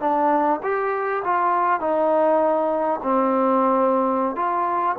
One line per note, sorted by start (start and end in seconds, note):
0.00 0.60 D4
0.63 1.23 G4
1.24 1.80 F4
1.80 3.00 D#4
3.03 4.36 C4
4.36 4.96 F4